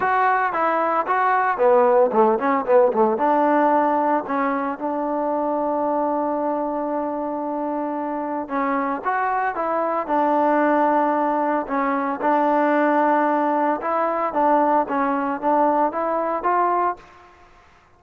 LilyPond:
\new Staff \with { instrumentName = "trombone" } { \time 4/4 \tempo 4 = 113 fis'4 e'4 fis'4 b4 | a8 cis'8 b8 a8 d'2 | cis'4 d'2.~ | d'1 |
cis'4 fis'4 e'4 d'4~ | d'2 cis'4 d'4~ | d'2 e'4 d'4 | cis'4 d'4 e'4 f'4 | }